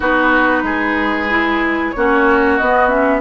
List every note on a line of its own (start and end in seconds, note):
0.00 0.62 B3
0.00 1.29 D#4
0.00 0.62 F#4
0.00 1.91 B4
0.62 1.91 G#3
0.62 1.94 G#4
1.29 1.93 E4
1.91 2.60 A#3
1.91 2.60 C#4
1.91 3.20 F#4
1.91 2.56 C#5
2.57 3.20 B3
2.57 2.88 B3
2.57 2.88 D#5
2.88 3.20 C#4
2.88 3.20 E5